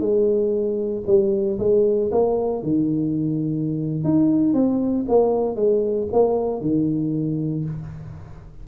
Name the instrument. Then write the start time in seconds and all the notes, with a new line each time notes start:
tuba
0.00 G#3
1.07 G3
1.59 G#3
2.12 A#3
2.63 D#3
4.04 D#4
4.54 C4
5.08 A#3
5.56 G#3
6.12 A#3
6.61 D#3